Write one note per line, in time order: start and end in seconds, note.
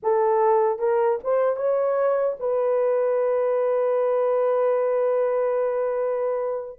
0.02 0.78 A4
0.78 1.18 A#4
1.23 1.56 C5
1.56 2.36 C#5
2.39 6.79 B4